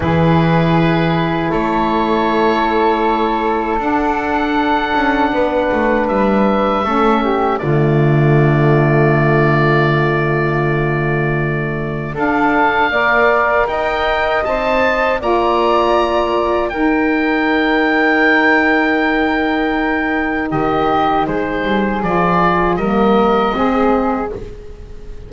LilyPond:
<<
  \new Staff \with { instrumentName = "oboe" } { \time 4/4 \tempo 4 = 79 b'2 cis''2~ | cis''4 fis''2. | e''2 d''2~ | d''1 |
f''2 g''4 a''4 | ais''2 g''2~ | g''2. dis''4 | c''4 d''4 dis''2 | }
  \new Staff \with { instrumentName = "flute" } { \time 4/4 gis'2 a'2~ | a'2. b'4~ | b'4 a'8 g'8 f'2~ | f'1 |
a'4 d''4 dis''2 | d''2 ais'2~ | ais'2. g'4 | gis'2 ais'4 gis'4 | }
  \new Staff \with { instrumentName = "saxophone" } { \time 4/4 e'1~ | e'4 d'2.~ | d'4 cis'4 a2~ | a1 |
d'4 ais'2 c''4 | f'2 dis'2~ | dis'1~ | dis'4 f'4 ais4 c'4 | }
  \new Staff \with { instrumentName = "double bass" } { \time 4/4 e2 a2~ | a4 d'4. cis'8 b8 a8 | g4 a4 d2~ | d1 |
d'4 ais4 dis'4 c'4 | ais2 dis'2~ | dis'2. dis4 | gis8 g8 f4 g4 gis4 | }
>>